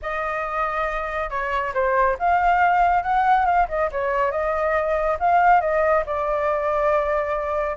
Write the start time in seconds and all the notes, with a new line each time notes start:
0.01 D#5
1.29 C#5
1.74 C5
2.18 F5
3.03 F#5
3.45 F5
3.68 D#5
3.91 C#5
4.31 D#5
5.19 F5
5.60 D#5
6.05 D5